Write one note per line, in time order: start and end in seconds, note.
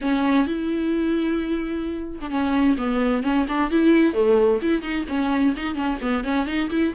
0.01 0.46 C#4
0.46 2.19 E4
2.20 2.30 D4
2.30 2.76 C#4
2.77 3.23 B3
3.23 3.46 C#4
3.48 3.70 D4
3.70 4.13 E4
4.13 4.59 A3
4.62 4.81 E4
4.81 5.05 D#4
5.08 5.54 C#4
5.56 5.75 D#4
5.75 5.98 C#4
6.01 6.24 B3
6.24 6.46 C#4
6.46 6.69 D#4
6.70 6.93 E4